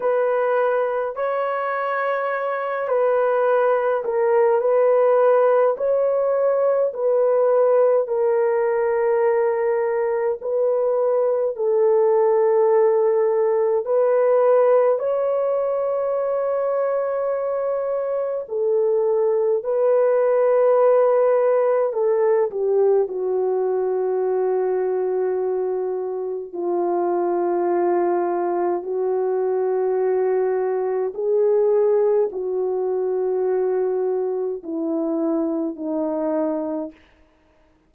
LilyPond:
\new Staff \with { instrumentName = "horn" } { \time 4/4 \tempo 4 = 52 b'4 cis''4. b'4 ais'8 | b'4 cis''4 b'4 ais'4~ | ais'4 b'4 a'2 | b'4 cis''2. |
a'4 b'2 a'8 g'8 | fis'2. f'4~ | f'4 fis'2 gis'4 | fis'2 e'4 dis'4 | }